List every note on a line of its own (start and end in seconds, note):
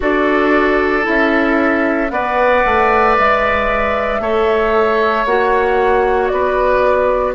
0.00 1.06 D4
0.00 1.02 F#4
0.00 2.12 A4
0.00 1.07 D5
1.02 2.10 C#4
1.02 2.08 E4
1.02 2.10 E5
2.10 2.63 B3
2.10 4.20 B4
2.10 4.21 D5
2.10 3.15 F#5
2.65 3.17 A3
3.17 4.19 G#3
3.17 5.26 E5
4.19 5.25 A3
4.19 5.26 A4
4.19 6.32 C#5
5.25 6.30 A#3
5.25 7.34 F#4
5.25 6.27 F#5
6.27 7.34 B3
6.27 7.34 B4
6.27 7.32 D5